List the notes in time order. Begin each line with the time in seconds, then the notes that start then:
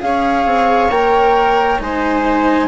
0.00 C#4 G#4 C#5 F5
0.45 C4
0.90 A#3 A#4 G5
1.79 G#3 D#4 C5 G#5